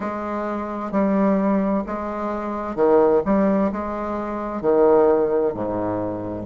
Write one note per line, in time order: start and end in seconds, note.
0.00 0.91 G#3
0.91 1.84 G3
1.86 2.75 G#3
2.75 3.21 D#3
3.25 3.71 G3
3.72 4.62 G#3
4.62 5.53 D#3
5.53 6.46 G#2